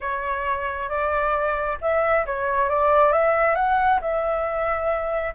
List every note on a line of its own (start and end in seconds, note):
0.00 0.89 C#5
0.89 1.78 D5
1.81 2.25 E5
2.25 2.69 C#5
2.69 3.12 D5
3.12 3.55 E5
3.55 3.99 F#5
4.01 5.34 E5